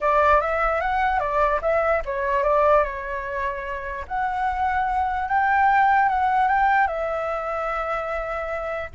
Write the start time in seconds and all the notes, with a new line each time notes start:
0.01 D5
0.40 E5
0.81 F#5
1.19 D5
1.61 E5
2.05 C#5
2.43 D5
2.83 C#5
4.07 F#5
5.28 G5
6.08 F#5
6.48 G5
6.87 E5